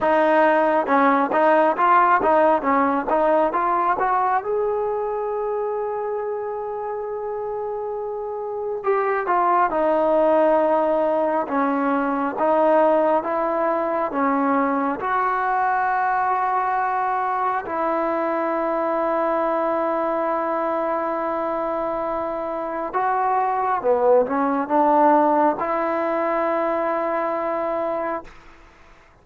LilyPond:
\new Staff \with { instrumentName = "trombone" } { \time 4/4 \tempo 4 = 68 dis'4 cis'8 dis'8 f'8 dis'8 cis'8 dis'8 | f'8 fis'8 gis'2.~ | gis'2 g'8 f'8 dis'4~ | dis'4 cis'4 dis'4 e'4 |
cis'4 fis'2. | e'1~ | e'2 fis'4 b8 cis'8 | d'4 e'2. | }